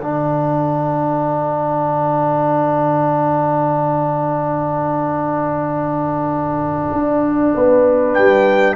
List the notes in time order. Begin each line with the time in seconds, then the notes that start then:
0.00 D3 D4 A4 F#5
6.93 D4
7.55 B3 B4
8.14 G3 G5